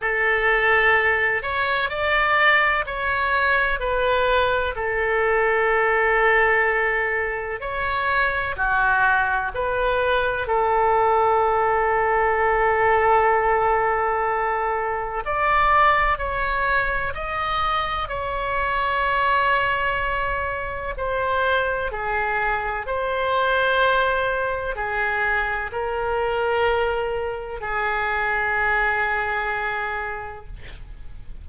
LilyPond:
\new Staff \with { instrumentName = "oboe" } { \time 4/4 \tempo 4 = 63 a'4. cis''8 d''4 cis''4 | b'4 a'2. | cis''4 fis'4 b'4 a'4~ | a'1 |
d''4 cis''4 dis''4 cis''4~ | cis''2 c''4 gis'4 | c''2 gis'4 ais'4~ | ais'4 gis'2. | }